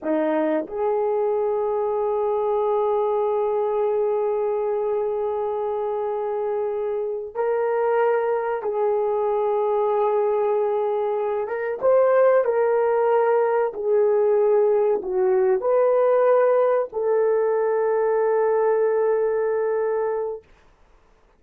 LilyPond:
\new Staff \with { instrumentName = "horn" } { \time 4/4 \tempo 4 = 94 dis'4 gis'2.~ | gis'1~ | gis'2.~ gis'8 ais'8~ | ais'4. gis'2~ gis'8~ |
gis'2 ais'8 c''4 ais'8~ | ais'4. gis'2 fis'8~ | fis'8 b'2 a'4.~ | a'1 | }